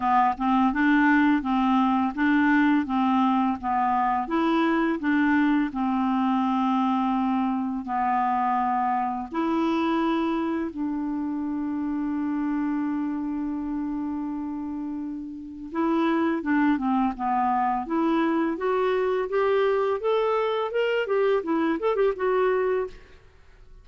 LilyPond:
\new Staff \with { instrumentName = "clarinet" } { \time 4/4 \tempo 4 = 84 b8 c'8 d'4 c'4 d'4 | c'4 b4 e'4 d'4 | c'2. b4~ | b4 e'2 d'4~ |
d'1~ | d'2 e'4 d'8 c'8 | b4 e'4 fis'4 g'4 | a'4 ais'8 g'8 e'8 a'16 g'16 fis'4 | }